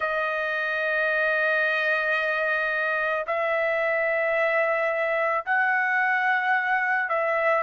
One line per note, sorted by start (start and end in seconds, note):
0.00 3.25 D#5
3.26 5.44 E5
5.45 7.09 F#5
7.09 7.63 E5